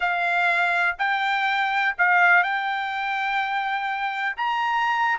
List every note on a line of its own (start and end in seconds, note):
0.00 0.95 F5
0.98 1.95 G5
1.98 2.43 F5
2.43 4.36 G5
4.37 5.18 A#5